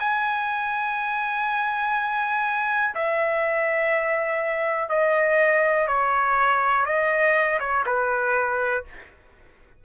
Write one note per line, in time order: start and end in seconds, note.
0.00 2.95 G#5
2.95 4.90 E5
4.90 5.88 D#5
5.88 6.86 C#5
6.86 7.60 D#5
7.60 7.85 C#5
7.86 8.85 B4